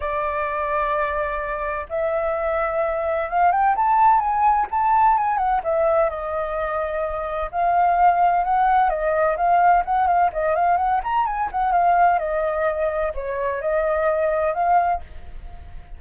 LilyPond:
\new Staff \with { instrumentName = "flute" } { \time 4/4 \tempo 4 = 128 d''1 | e''2. f''8 g''8 | a''4 gis''4 a''4 gis''8 fis''8 | e''4 dis''2. |
f''2 fis''4 dis''4 | f''4 fis''8 f''8 dis''8 f''8 fis''8 ais''8 | gis''8 fis''8 f''4 dis''2 | cis''4 dis''2 f''4 | }